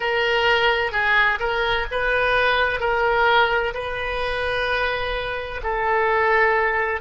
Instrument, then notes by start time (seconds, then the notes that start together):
oboe
0.00 A#4
0.92 G#4
1.39 A#4
1.91 B4
2.80 A#4
3.73 B4
5.62 A4